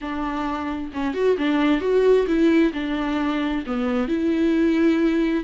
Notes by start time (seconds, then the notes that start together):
0.01 D4
0.93 C#4
1.14 F#4
1.37 D4
1.80 F#4
2.27 E4
2.73 D4
3.66 B3
4.07 E4